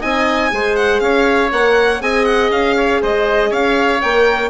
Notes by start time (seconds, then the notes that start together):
0.00 C4 D#4 D#5 G#5
0.50 G#3 G#4 C5
0.76 F#5
1.00 C#4 C#5 F5
1.51 A#3 A#4 F#5
2.01 C4 G#4 D#5 G#5
2.25 F#5
2.51 C#4 F5
2.76 C#5
3.01 G#3 C5 D#5
3.50 C#4 C#5 F5
4.01 A#3 A#4 G5